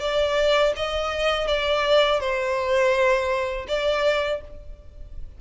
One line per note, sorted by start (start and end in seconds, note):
0.00 0.73 D5
0.76 1.48 D#5
1.48 2.20 D5
2.20 3.67 C5
3.68 4.41 D5